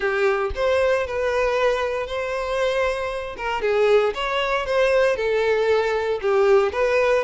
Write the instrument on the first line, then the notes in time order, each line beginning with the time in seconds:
violin
0.00 G4
0.55 C5
1.06 B4
2.06 C5
3.37 A#4
3.61 G#4
4.14 C#5
4.66 C5
5.16 A4
6.21 G4
6.72 B4